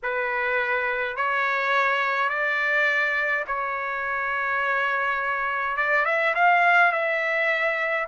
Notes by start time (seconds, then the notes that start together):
0.02 B4
1.16 C#5
2.29 D5
3.47 C#5
5.76 D5
6.05 E5
6.34 F5
6.92 E5